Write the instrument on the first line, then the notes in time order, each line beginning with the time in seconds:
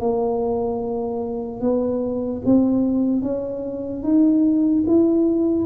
tuba
0.00 A#3
1.61 B3
2.45 C4
3.22 C#4
4.03 D#4
4.87 E4